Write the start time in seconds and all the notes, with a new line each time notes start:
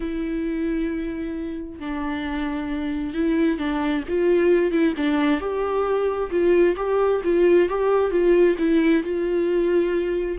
0.00 E4
1.79 D4
3.14 E4
3.58 D4
4.08 F4
4.71 E4
4.96 D4
5.40 G4
6.30 F4
6.76 G4
7.23 F4
7.69 G4
8.11 F4
8.58 E4
9.03 F4